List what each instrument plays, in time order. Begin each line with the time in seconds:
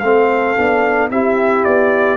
0.00 tuba A3, trombone C4, horn A4, trumpet F5
0.57 tuba B3, trombone D4
1.11 tuba C4, trombone E4, horn G4, trumpet E5
1.65 tuba B3, trumpet D5